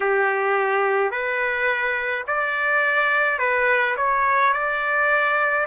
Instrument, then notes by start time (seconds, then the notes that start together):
trumpet
0.00 G4
1.11 B4
2.27 D5
3.39 B4
3.96 C#5
4.53 D5